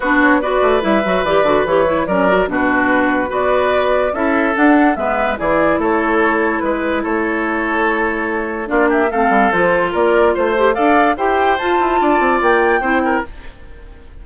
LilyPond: <<
  \new Staff \with { instrumentName = "flute" } { \time 4/4 \tempo 4 = 145 b'8 cis''8 d''4 e''4 d''4 | cis''4 d''4 b'2 | d''2 e''4 fis''4 | e''4 d''4 cis''2 |
b'4 cis''2.~ | cis''4 d''8 e''8 f''4 c''4 | d''4 c''4 f''4 g''4 | a''2 g''2 | }
  \new Staff \with { instrumentName = "oboe" } { \time 4/4 fis'4 b'2.~ | b'4 ais'4 fis'2 | b'2 a'2 | b'4 gis'4 a'2 |
b'4 a'2.~ | a'4 f'8 g'8 a'2 | ais'4 c''4 d''4 c''4~ | c''4 d''2 c''8 ais'8 | }
  \new Staff \with { instrumentName = "clarinet" } { \time 4/4 d'4 fis'4 e'8 fis'8 g'8 fis'8 | g'8 e'8 cis'8 fis'8 d'2 | fis'2 e'4 d'4 | b4 e'2.~ |
e'1~ | e'4 d'4 c'4 f'4~ | f'4. g'8 a'4 g'4 | f'2. e'4 | }
  \new Staff \with { instrumentName = "bassoon" } { \time 4/4 b4. a8 g8 fis8 e8 d8 | e4 fis4 b,2 | b2 cis'4 d'4 | gis4 e4 a2 |
gis4 a2.~ | a4 ais4 a8 g8 f4 | ais4 a4 d'4 e'4 | f'8 e'8 d'8 c'8 ais4 c'4 | }
>>